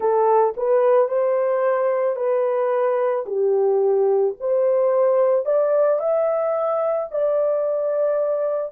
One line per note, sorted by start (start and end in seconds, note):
0.00 0.54 A4
0.57 1.08 B4
1.08 2.15 C5
2.15 3.24 B4
3.25 4.34 G4
4.40 5.45 C5
5.45 6.00 D5
6.00 7.09 E5
7.11 8.72 D5